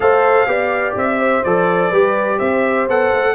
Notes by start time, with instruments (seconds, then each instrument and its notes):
0.00 tuba A3, trombone A4, horn C5, trumpet F5
0.46 tuba B3, trombone G4, horn D5
0.95 tuba C4, trumpet E5
1.19 horn C5
1.43 tuba F3, trombone A4, trumpet D5
1.89 tuba G3, trombone G4, horn B4
2.38 tuba C4, horn C5, trumpet E5
2.88 tuba B3, trombone A4, trumpet F#5
3.12 tuba A3